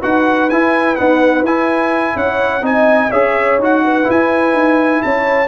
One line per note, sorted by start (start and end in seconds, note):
0.00 0.51 D#4
0.00 0.49 F#4
0.00 2.14 B4
0.00 0.50 F#5
0.50 0.99 E4
0.50 0.97 E4
0.50 0.96 G#5
0.96 1.44 B3
0.96 1.43 D#4
0.96 1.43 F#5
1.43 2.14 E4
1.43 2.62 E4
1.43 2.17 G#5
2.16 2.62 C#4
2.16 2.63 C#5
2.16 2.65 F#5
2.62 3.10 C4
2.62 3.09 D#4
2.62 3.11 D#5
2.62 3.12 G#5
3.11 3.59 C#4
3.11 3.60 G#4
3.11 3.82 C#5
3.11 3.59 E5
3.59 4.06 D#4
3.59 4.04 F#4
3.59 4.11 F#5
3.84 5.03 B4
4.04 5.47 E4
4.04 4.54 E4
4.11 5.03 G#5
4.54 5.02 D#4
5.03 5.48 C#4
5.03 5.48 C#5
5.03 5.48 A5